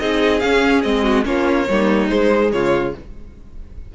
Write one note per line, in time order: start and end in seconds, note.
0.00 0.42 C4
0.00 0.42 D#4
0.00 1.03 G#4
0.00 0.40 D#5
0.40 0.83 C#4
0.40 0.85 C#4
0.40 0.82 F5
0.83 1.26 G#3
0.83 1.24 C4
0.83 1.25 D#5
1.03 1.24 F#4
1.24 1.68 A#3
1.24 1.66 C#4
1.24 1.69 F4
1.24 2.09 C#5
1.70 2.12 G3
1.70 2.09 A#3
1.70 2.53 D#4
2.09 2.93 G#3
2.09 2.53 G#3
2.09 2.51 C5
2.53 2.95 C#3
2.53 2.95 F4
2.53 2.95 C#5